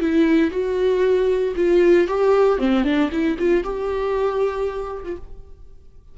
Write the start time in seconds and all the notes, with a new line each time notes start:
0.00 E4
0.51 F#4
1.56 F4
2.08 G4
2.58 C4
2.84 D4
3.11 E4
3.39 F4
3.63 G4
5.04 F4